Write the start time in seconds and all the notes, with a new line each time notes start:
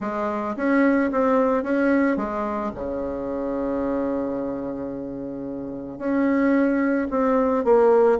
0.00 G#3
0.56 C#4
1.11 C4
1.63 C#4
2.16 G#3
2.74 C#3
5.98 C#4
7.10 C4
7.64 A#3